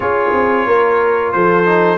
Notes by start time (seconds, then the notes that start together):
0.00 C#4 F4 G#4 C#5
0.33 C4
0.66 A#3 A#4
1.32 F3 A4 C5
1.65 D#4